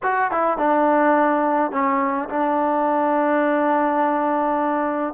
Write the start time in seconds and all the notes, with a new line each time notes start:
0.02 F#4
0.31 E4
0.57 D4
1.71 C#4
2.29 D4